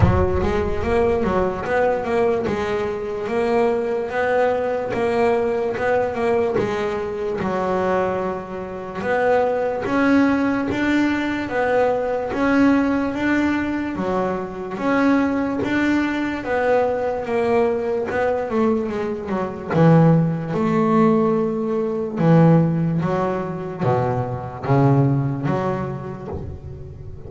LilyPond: \new Staff \with { instrumentName = "double bass" } { \time 4/4 \tempo 4 = 73 fis8 gis8 ais8 fis8 b8 ais8 gis4 | ais4 b4 ais4 b8 ais8 | gis4 fis2 b4 | cis'4 d'4 b4 cis'4 |
d'4 fis4 cis'4 d'4 | b4 ais4 b8 a8 gis8 fis8 | e4 a2 e4 | fis4 b,4 cis4 fis4 | }